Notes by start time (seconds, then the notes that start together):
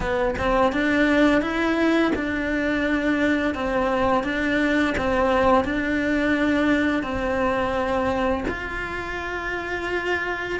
0.00 B3
0.38 C4
0.72 D4
1.41 E4
2.15 D4
3.54 C4
4.23 D4
4.97 C4
5.64 D4
7.02 C4
8.48 F4